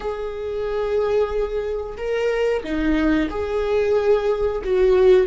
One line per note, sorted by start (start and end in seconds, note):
0.00 1.97 G#4
1.97 2.63 A#4
2.63 3.29 D#4
3.30 4.62 G#4
4.64 5.26 F#4